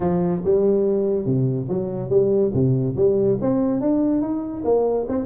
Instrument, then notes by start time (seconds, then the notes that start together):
tuba
0.00 F3
0.44 G3
1.25 C3
1.68 F#3
2.09 G3
2.53 C3
2.96 G3
3.41 C4
3.80 D4
4.21 D#4
4.64 A#3
5.08 C4